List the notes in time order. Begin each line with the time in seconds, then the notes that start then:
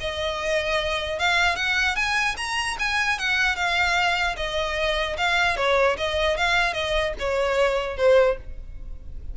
0.00 D#5
1.19 F5
1.56 F#5
1.96 G#5
2.37 A#5
2.79 G#5
3.19 F#5
3.55 F5
4.37 D#5
5.17 F5
5.56 C#5
5.97 D#5
6.37 F5
6.73 D#5
7.19 C#5
7.97 C5